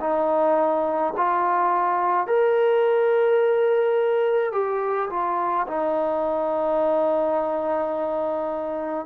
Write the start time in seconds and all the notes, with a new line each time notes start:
0.00 D#4
1.17 F4
2.27 A#4
4.52 G4
5.10 F4
5.67 D#4